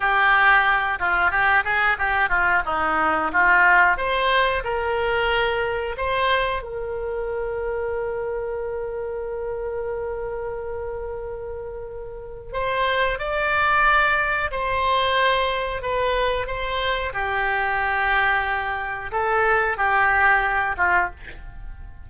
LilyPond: \new Staff \with { instrumentName = "oboe" } { \time 4/4 \tempo 4 = 91 g'4. f'8 g'8 gis'8 g'8 f'8 | dis'4 f'4 c''4 ais'4~ | ais'4 c''4 ais'2~ | ais'1~ |
ais'2. c''4 | d''2 c''2 | b'4 c''4 g'2~ | g'4 a'4 g'4. f'8 | }